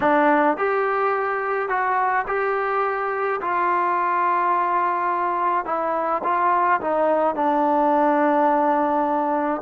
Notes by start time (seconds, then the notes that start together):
0.00 D4
0.57 G4
1.69 F#4
2.27 G4
3.41 F4
5.65 E4
6.23 F4
6.80 D#4
7.35 D4